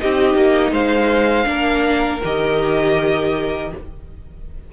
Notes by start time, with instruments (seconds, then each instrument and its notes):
0.00 cello C4, viola D#4, violin G4 D#5
0.35 cello A#3
0.72 cello G#3, violin C5 F5
1.45 cello A#3, viola D4, violin A#4
2.25 cello D#3, viola G4, violin D#5